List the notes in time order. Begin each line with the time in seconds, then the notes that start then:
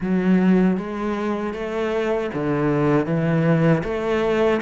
0.00 F#3
0.77 G#3
1.53 A3
2.34 D3
3.06 E3
3.83 A3